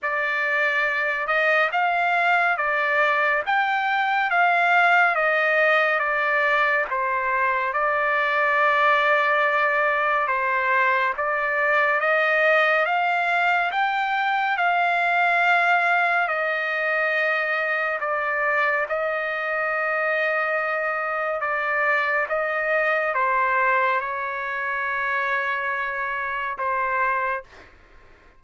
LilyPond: \new Staff \with { instrumentName = "trumpet" } { \time 4/4 \tempo 4 = 70 d''4. dis''8 f''4 d''4 | g''4 f''4 dis''4 d''4 | c''4 d''2. | c''4 d''4 dis''4 f''4 |
g''4 f''2 dis''4~ | dis''4 d''4 dis''2~ | dis''4 d''4 dis''4 c''4 | cis''2. c''4 | }